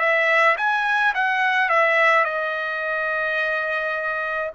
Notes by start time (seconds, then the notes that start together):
0.00 E5
0.58 G#5
1.15 F#5
1.70 E5
2.25 D#5